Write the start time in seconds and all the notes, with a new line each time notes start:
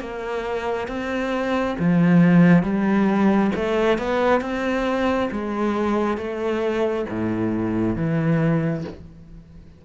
0.00 A#3
0.88 C4
1.79 F3
2.63 G3
3.55 A3
3.98 B3
4.41 C4
5.31 G#3
6.17 A3
7.09 A2
7.96 E3